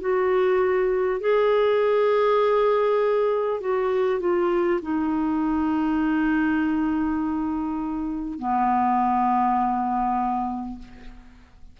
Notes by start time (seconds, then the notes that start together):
0.00 F#4
1.20 G#4
3.60 F#4
4.19 F4
4.82 D#4
8.38 B3